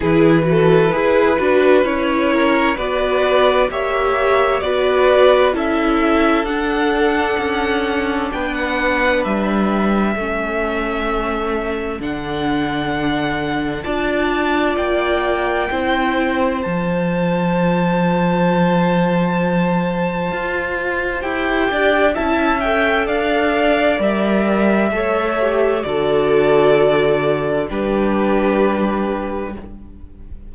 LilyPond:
<<
  \new Staff \with { instrumentName = "violin" } { \time 4/4 \tempo 4 = 65 b'2 cis''4 d''4 | e''4 d''4 e''4 fis''4~ | fis''4 g''16 fis''8. e''2~ | e''4 fis''2 a''4 |
g''2 a''2~ | a''2. g''4 | a''8 g''8 f''4 e''2 | d''2 b'2 | }
  \new Staff \with { instrumentName = "violin" } { \time 4/4 gis'8 a'8 b'4. ais'8 b'4 | cis''4 b'4 a'2~ | a'4 b'2 a'4~ | a'2. d''4~ |
d''4 c''2.~ | c''2.~ c''8 d''8 | e''4 d''2 cis''4 | a'2 g'2 | }
  \new Staff \with { instrumentName = "viola" } { \time 4/4 e'8 fis'8 gis'8 fis'8 e'4 fis'4 | g'4 fis'4 e'4 d'4~ | d'2. cis'4~ | cis'4 d'2 f'4~ |
f'4 e'4 f'2~ | f'2. g'4 | e'8 a'4. ais'4 a'8 g'8 | fis'2 d'2 | }
  \new Staff \with { instrumentName = "cello" } { \time 4/4 e4 e'8 d'8 cis'4 b4 | ais4 b4 cis'4 d'4 | cis'4 b4 g4 a4~ | a4 d2 d'4 |
ais4 c'4 f2~ | f2 f'4 e'8 d'8 | cis'4 d'4 g4 a4 | d2 g2 | }
>>